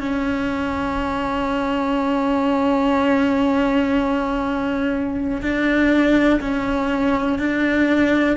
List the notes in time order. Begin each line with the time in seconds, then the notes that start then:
0.00 C#4
5.41 D4
6.41 C#4
7.39 D4